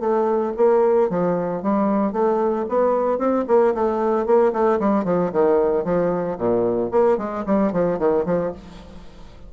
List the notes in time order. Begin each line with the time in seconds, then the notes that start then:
0.00 A3
0.57 A#3
1.10 F3
1.63 G3
2.13 A3
2.69 B3
3.19 C4
3.48 A#3
3.75 A3
4.26 A#3
4.53 A3
4.80 G3
5.05 F3
5.33 D#3
5.85 F3
6.38 A#2
6.91 A#3
7.18 G#3
7.46 G3
7.73 F3
7.99 D#3
8.26 F3